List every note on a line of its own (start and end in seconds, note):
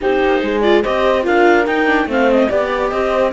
0.01 0.23 C4
0.01 0.62 D#4
0.01 0.42 G4
0.01 0.61 C5
0.25 0.42 A#3
0.42 0.84 G#3
0.42 0.82 G#4
0.61 0.83 F4
0.61 0.82 D5
0.82 1.27 C4
0.82 1.22 G4
0.82 1.24 C5
0.82 1.25 D#5
1.22 1.67 D4
1.22 1.64 F4
1.22 2.08 A#4
1.22 1.66 F5
1.66 1.86 D#4
1.66 2.05 D#4
1.66 2.08 G5
1.86 2.07 D4
2.05 2.47 A3
2.05 2.49 C4
2.05 2.48 C5
2.05 2.31 F5
2.31 2.50 D#5
2.48 2.91 B3
2.48 3.32 G4
2.48 2.90 D5
2.48 2.89 D5
2.89 3.32 C4
2.89 3.32 C5
2.89 3.31 D#5